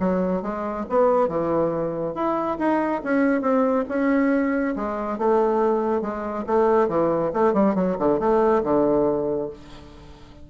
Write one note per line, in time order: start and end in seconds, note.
0.00 0.43 F#3
0.43 0.86 G#3
0.90 1.29 B3
1.29 2.15 E3
2.15 2.58 E4
2.59 3.02 D#4
3.04 3.42 C#4
3.42 3.85 C4
3.89 4.75 C#4
4.76 5.19 G#3
5.19 6.02 A3
6.02 6.45 G#3
6.47 6.88 A3
6.88 7.32 E3
7.34 7.54 A3
7.54 7.75 G3
7.75 7.97 F#3
7.99 8.20 D3
8.20 8.63 A3
8.64 9.50 D3